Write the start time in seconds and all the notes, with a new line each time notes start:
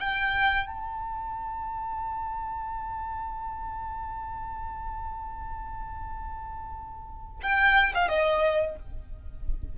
0.00 G5
0.66 A5
7.42 G5
7.94 F5
8.09 D#5